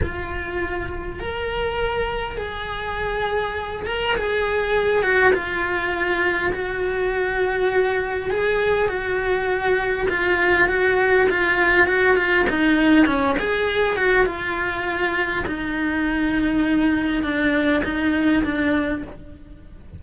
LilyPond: \new Staff \with { instrumentName = "cello" } { \time 4/4 \tempo 4 = 101 f'2 ais'2 | gis'2~ gis'8 ais'8 gis'4~ | gis'8 fis'8 f'2 fis'4~ | fis'2 gis'4 fis'4~ |
fis'4 f'4 fis'4 f'4 | fis'8 f'8 dis'4 cis'8 gis'4 fis'8 | f'2 dis'2~ | dis'4 d'4 dis'4 d'4 | }